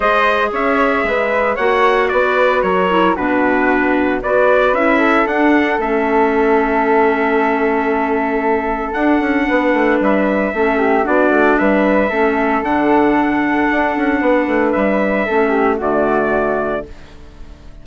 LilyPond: <<
  \new Staff \with { instrumentName = "trumpet" } { \time 4/4 \tempo 4 = 114 dis''4 e''2 fis''4 | d''4 cis''4 b'2 | d''4 e''4 fis''4 e''4~ | e''1~ |
e''4 fis''2 e''4~ | e''4 d''4 e''2 | fis''1 | e''2 d''2 | }
  \new Staff \with { instrumentName = "flute" } { \time 4/4 c''4 cis''4 b'4 cis''4 | b'4 ais'4 fis'2 | b'4. a'2~ a'8~ | a'1~ |
a'2 b'2 | a'8 g'8 fis'4 b'4 a'4~ | a'2. b'4~ | b'4 a'8 g'8 fis'2 | }
  \new Staff \with { instrumentName = "clarinet" } { \time 4/4 gis'2. fis'4~ | fis'4. e'8 d'2 | fis'4 e'4 d'4 cis'4~ | cis'1~ |
cis'4 d'2. | cis'4 d'2 cis'4 | d'1~ | d'4 cis'4 a2 | }
  \new Staff \with { instrumentName = "bassoon" } { \time 4/4 gis4 cis'4 gis4 ais4 | b4 fis4 b,2 | b4 cis'4 d'4 a4~ | a1~ |
a4 d'8 cis'8 b8 a8 g4 | a4 b8 a8 g4 a4 | d2 d'8 cis'8 b8 a8 | g4 a4 d2 | }
>>